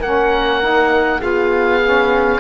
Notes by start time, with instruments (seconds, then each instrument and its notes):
0.00 cello A#3, saxophone C#4, horn A#4, oboe F#5
0.61 saxophone D#4
1.20 cello B3, saxophone F4, horn G#4, oboe F5
1.83 saxophone C#4